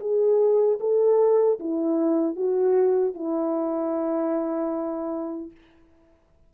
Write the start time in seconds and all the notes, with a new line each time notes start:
0.00 G#4
0.80 A4
1.60 E4
2.36 F#4
3.14 E4